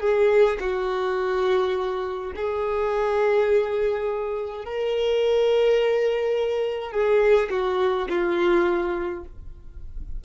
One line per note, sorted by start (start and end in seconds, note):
0.00 0.58 G#4
0.60 2.33 F#4
2.35 4.65 G#4
4.65 6.91 A#4
6.91 7.49 G#4
7.50 8.08 F#4
8.09 9.25 F4